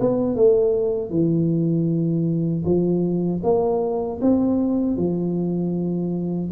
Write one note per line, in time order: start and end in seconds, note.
0.00 0.35 B3
0.35 1.10 A3
1.10 2.64 E3
2.65 3.42 F3
3.43 4.20 A#3
4.21 4.97 C4
4.97 6.51 F3